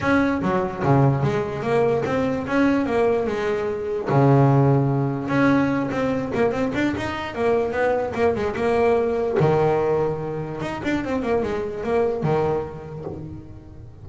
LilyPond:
\new Staff \with { instrumentName = "double bass" } { \time 4/4 \tempo 4 = 147 cis'4 fis4 cis4 gis4 | ais4 c'4 cis'4 ais4 | gis2 cis2~ | cis4 cis'4. c'4 ais8 |
c'8 d'8 dis'4 ais4 b4 | ais8 gis8 ais2 dis4~ | dis2 dis'8 d'8 c'8 ais8 | gis4 ais4 dis2 | }